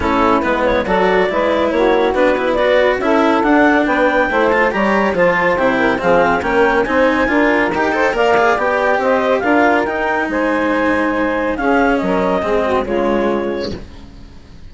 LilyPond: <<
  \new Staff \with { instrumentName = "clarinet" } { \time 4/4 \tempo 4 = 140 a'4 b'8 cis''8 d''2 | cis''4 b'4 d''4 e''4 | fis''4 g''4. a''8 ais''4 | a''4 g''4 f''4 g''4 |
gis''2 g''4 f''4 | g''4 dis''4 f''4 g''4 | gis''2. f''4 | dis''2 cis''2 | }
  \new Staff \with { instrumentName = "saxophone" } { \time 4/4 e'2 a'4 b'4 | fis'2 b'4 a'4~ | a'4 b'4 c''4 cis''4 | c''4. ais'8 gis'4 ais'4 |
c''4 ais'4. c''8 d''4~ | d''4 c''4 ais'2 | c''2. gis'4 | ais'4 gis'8 fis'8 f'2 | }
  \new Staff \with { instrumentName = "cello" } { \time 4/4 cis'4 b4 fis'4 e'4~ | e'4 d'8 e'8 fis'4 e'4 | d'2 e'8 f'8 g'4 | f'4 e'4 c'4 cis'4 |
dis'4 f'4 g'8 a'8 ais'8 gis'8 | g'2 f'4 dis'4~ | dis'2. cis'4~ | cis'4 c'4 gis2 | }
  \new Staff \with { instrumentName = "bassoon" } { \time 4/4 a4 gis4 fis4 gis4 | ais4 b2 cis'4 | d'4 b4 a4 g4 | f4 c4 f4 ais4 |
c'4 d'4 dis'4 ais4 | b4 c'4 d'4 dis'4 | gis2. cis'4 | fis4 gis4 cis2 | }
>>